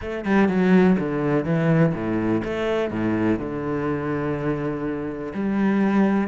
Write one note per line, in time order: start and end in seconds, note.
0.01 0.25 A3
0.25 0.48 G3
0.48 0.97 F#3
0.99 1.45 D3
1.45 1.93 E3
1.94 2.42 A2
2.44 2.91 A3
2.91 3.39 A2
3.39 5.32 D3
5.34 6.28 G3